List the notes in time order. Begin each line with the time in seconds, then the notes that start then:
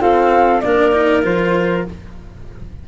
0.00 C4 F4 A4 F5
0.60 A#3 D4 A#4 D5
0.92 D#4
1.22 F3 F4 C5